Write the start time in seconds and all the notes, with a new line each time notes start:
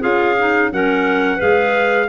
0.00 C#4 F4 G#4 F5
0.38 D#4
0.71 F#3 C#4 A#4 F#5
1.36 G#3 G#4 B4 F5